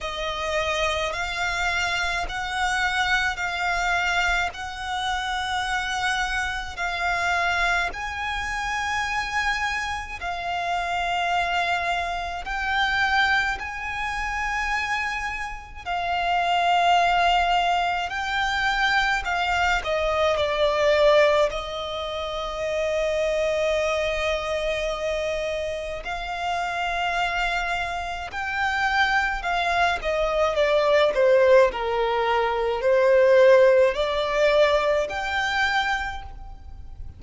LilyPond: \new Staff \with { instrumentName = "violin" } { \time 4/4 \tempo 4 = 53 dis''4 f''4 fis''4 f''4 | fis''2 f''4 gis''4~ | gis''4 f''2 g''4 | gis''2 f''2 |
g''4 f''8 dis''8 d''4 dis''4~ | dis''2. f''4~ | f''4 g''4 f''8 dis''8 d''8 c''8 | ais'4 c''4 d''4 g''4 | }